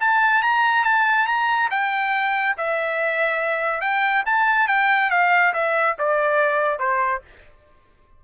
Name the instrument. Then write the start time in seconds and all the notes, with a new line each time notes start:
trumpet
0.00 A5
0.42 A#5
0.84 A5
1.26 A#5
1.70 G5
2.57 E5
3.81 G5
4.26 A5
4.68 G5
5.10 F5
5.53 E5
5.98 D5
6.79 C5